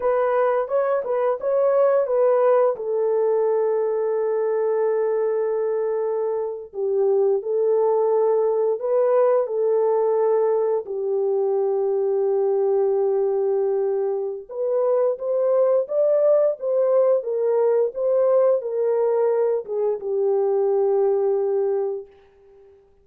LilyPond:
\new Staff \with { instrumentName = "horn" } { \time 4/4 \tempo 4 = 87 b'4 cis''8 b'8 cis''4 b'4 | a'1~ | a'4.~ a'16 g'4 a'4~ a'16~ | a'8. b'4 a'2 g'16~ |
g'1~ | g'4 b'4 c''4 d''4 | c''4 ais'4 c''4 ais'4~ | ais'8 gis'8 g'2. | }